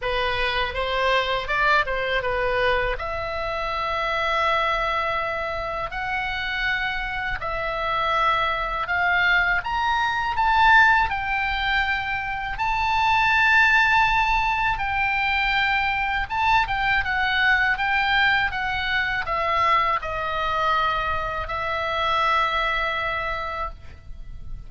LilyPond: \new Staff \with { instrumentName = "oboe" } { \time 4/4 \tempo 4 = 81 b'4 c''4 d''8 c''8 b'4 | e''1 | fis''2 e''2 | f''4 ais''4 a''4 g''4~ |
g''4 a''2. | g''2 a''8 g''8 fis''4 | g''4 fis''4 e''4 dis''4~ | dis''4 e''2. | }